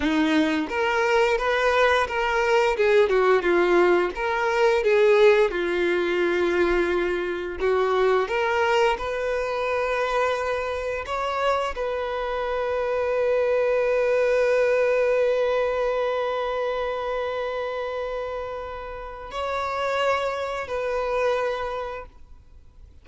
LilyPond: \new Staff \with { instrumentName = "violin" } { \time 4/4 \tempo 4 = 87 dis'4 ais'4 b'4 ais'4 | gis'8 fis'8 f'4 ais'4 gis'4 | f'2. fis'4 | ais'4 b'2. |
cis''4 b'2.~ | b'1~ | b'1 | cis''2 b'2 | }